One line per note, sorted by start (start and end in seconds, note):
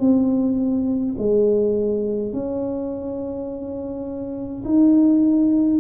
0.00 1.15 C4
1.19 2.33 G#3
2.33 4.64 C#4
4.65 5.80 D#4